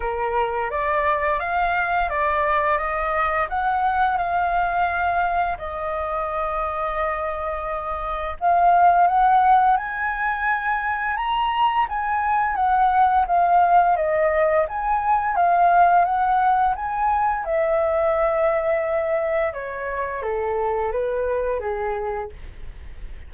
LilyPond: \new Staff \with { instrumentName = "flute" } { \time 4/4 \tempo 4 = 86 ais'4 d''4 f''4 d''4 | dis''4 fis''4 f''2 | dis''1 | f''4 fis''4 gis''2 |
ais''4 gis''4 fis''4 f''4 | dis''4 gis''4 f''4 fis''4 | gis''4 e''2. | cis''4 a'4 b'4 gis'4 | }